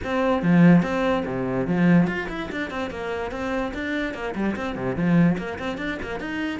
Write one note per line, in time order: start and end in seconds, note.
0.04 0.42 C4
0.42 0.82 F3
0.82 1.23 C4
1.25 1.67 C3
1.67 2.07 F3
2.07 2.27 F4
2.29 2.49 E4
2.51 2.70 D4
2.70 2.90 C4
2.90 3.31 A#3
3.31 3.72 C4
3.74 4.13 D4
4.13 4.34 A#3
4.35 4.55 G3
4.56 4.75 C4
4.75 4.96 C3
4.96 5.37 F3
5.37 5.58 A#3
5.59 5.77 C4
5.77 5.98 D4
6.02 6.20 A#3
6.20 6.59 D#4